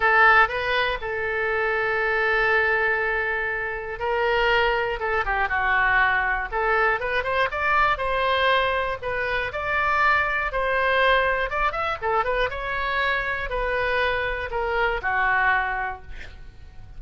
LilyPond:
\new Staff \with { instrumentName = "oboe" } { \time 4/4 \tempo 4 = 120 a'4 b'4 a'2~ | a'1 | ais'2 a'8 g'8 fis'4~ | fis'4 a'4 b'8 c''8 d''4 |
c''2 b'4 d''4~ | d''4 c''2 d''8 e''8 | a'8 b'8 cis''2 b'4~ | b'4 ais'4 fis'2 | }